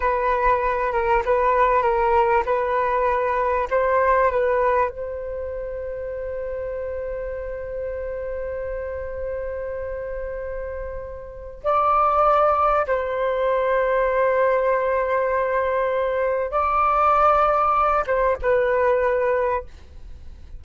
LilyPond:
\new Staff \with { instrumentName = "flute" } { \time 4/4 \tempo 4 = 98 b'4. ais'8 b'4 ais'4 | b'2 c''4 b'4 | c''1~ | c''1~ |
c''2. d''4~ | d''4 c''2.~ | c''2. d''4~ | d''4. c''8 b'2 | }